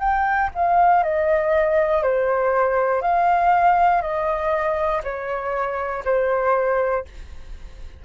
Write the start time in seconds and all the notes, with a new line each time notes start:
0.00 G5
0.55 F5
1.04 D#5
2.03 C5
3.02 F5
4.02 D#5
5.04 C#5
6.05 C5